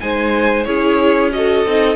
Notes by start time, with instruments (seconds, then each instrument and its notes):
0.00 cello G#3, viola D#4, violin C5 G#5
0.65 cello C#4, viola E4, violin G#4 C#5
1.32 viola F#4, violin A4 D#5
1.66 cello C4, viola D#4